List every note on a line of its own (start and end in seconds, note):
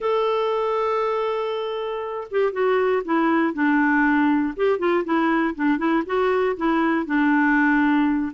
0.00 2.27 A4
2.30 2.52 G4
2.52 3.03 F#4
3.04 3.53 E4
3.53 4.54 D4
4.56 4.78 G4
4.78 5.04 F4
5.04 5.55 E4
5.55 5.78 D4
5.78 6.03 E4
6.06 6.56 F#4
6.57 7.06 E4
7.06 8.32 D4